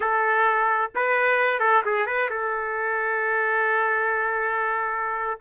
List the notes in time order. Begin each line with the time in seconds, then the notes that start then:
0.00 A4
0.95 B4
1.59 A4
1.85 G#4
2.06 B4
2.29 A4